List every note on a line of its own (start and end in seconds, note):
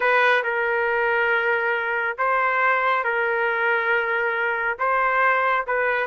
0.00 0.43 B4
0.43 2.17 A#4
2.17 3.04 C5
3.04 4.78 A#4
4.78 5.65 C5
5.66 6.07 B4